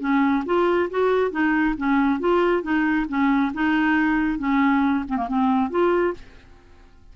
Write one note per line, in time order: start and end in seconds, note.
0.00 0.44 C#4
0.46 0.89 F4
0.90 1.31 F#4
1.31 1.75 D#4
1.78 2.20 C#4
2.20 2.63 F4
2.63 3.06 D#4
3.09 3.52 C#4
3.54 4.39 D#4
4.39 5.04 C#4
5.09 5.17 C4
5.17 5.28 A#3
5.29 5.70 C4
5.70 6.14 F4